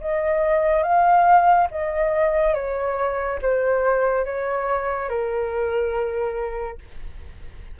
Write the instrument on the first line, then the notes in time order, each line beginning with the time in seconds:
flute
0.00 D#5
0.83 F5
1.71 D#5
2.54 C#5
3.41 C5
4.24 C#5
5.09 A#4